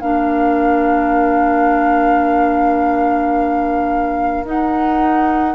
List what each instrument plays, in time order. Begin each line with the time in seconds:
0.00 bassoon A#3, clarinet D4, oboe A#4, flute F5
4.44 bassoon D#4, clarinet D#4, flute F#5